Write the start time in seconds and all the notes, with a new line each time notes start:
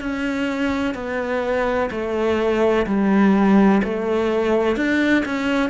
0.00 C#4
0.94 B3
1.90 A3
2.86 G3
3.83 A3
4.76 D4
5.25 C#4